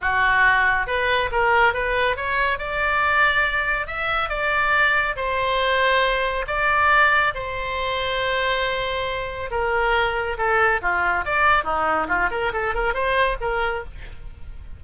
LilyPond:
\new Staff \with { instrumentName = "oboe" } { \time 4/4 \tempo 4 = 139 fis'2 b'4 ais'4 | b'4 cis''4 d''2~ | d''4 e''4 d''2 | c''2. d''4~ |
d''4 c''2.~ | c''2 ais'2 | a'4 f'4 d''4 dis'4 | f'8 ais'8 a'8 ais'8 c''4 ais'4 | }